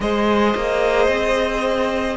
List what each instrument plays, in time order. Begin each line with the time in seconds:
0.00 cello G#3, viola G#4, violin C5 D#5
0.55 cello A#3
1.07 cello C4